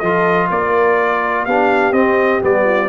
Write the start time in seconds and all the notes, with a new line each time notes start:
0.00 F3 F4 A4 D#5
0.51 A#3 A#4 D5
1.46 B3 D4 G4 F5
1.92 C4 D#5
2.42 G3 B3 D5
2.65 F4